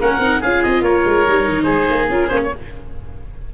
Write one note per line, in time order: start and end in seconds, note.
0.00 0.18 A#3
0.00 0.21 C#4
0.00 0.40 A#4
0.00 0.42 F#5
0.18 0.39 C4
0.18 0.42 D#4
0.40 0.64 C#4
0.40 1.28 F4
0.40 0.82 G#4
0.40 0.63 F5
0.63 0.81 C4
0.63 0.83 D#5
0.81 1.02 A#3
0.81 1.64 A#4
0.81 1.63 C#5
1.05 1.26 G#3
1.28 1.48 G3
1.28 2.11 D#4
1.48 1.66 D#3
1.63 1.87 G#3
1.63 2.48 G#4
1.63 2.05 C5
1.90 2.09 A#3
2.09 2.30 C#4
2.09 2.29 F4
2.09 2.28 A#4
2.28 2.52 A#3
2.28 2.50 C#4
2.28 2.38 C5
2.43 2.54 C#5